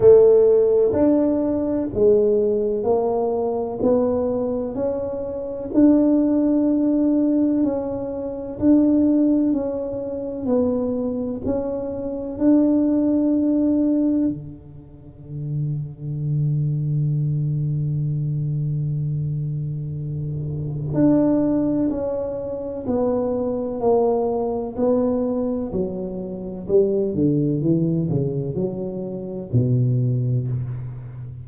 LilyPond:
\new Staff \with { instrumentName = "tuba" } { \time 4/4 \tempo 4 = 63 a4 d'4 gis4 ais4 | b4 cis'4 d'2 | cis'4 d'4 cis'4 b4 | cis'4 d'2 d4~ |
d1~ | d2 d'4 cis'4 | b4 ais4 b4 fis4 | g8 d8 e8 cis8 fis4 b,4 | }